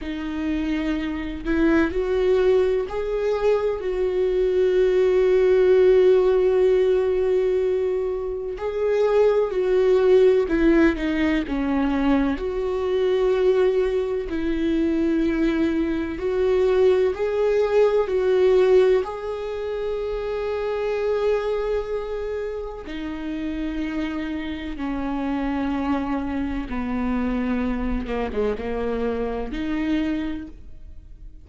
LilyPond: \new Staff \with { instrumentName = "viola" } { \time 4/4 \tempo 4 = 63 dis'4. e'8 fis'4 gis'4 | fis'1~ | fis'4 gis'4 fis'4 e'8 dis'8 | cis'4 fis'2 e'4~ |
e'4 fis'4 gis'4 fis'4 | gis'1 | dis'2 cis'2 | b4. ais16 gis16 ais4 dis'4 | }